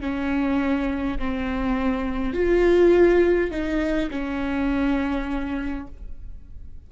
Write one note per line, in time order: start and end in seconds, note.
0.00 1.18 C#4
1.18 2.33 C4
2.33 3.50 F4
3.50 4.09 D#4
4.10 5.87 C#4